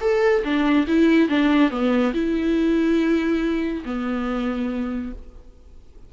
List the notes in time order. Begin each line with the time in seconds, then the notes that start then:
0.00 A4
0.44 D4
0.87 E4
1.28 D4
1.70 B3
2.13 E4
3.84 B3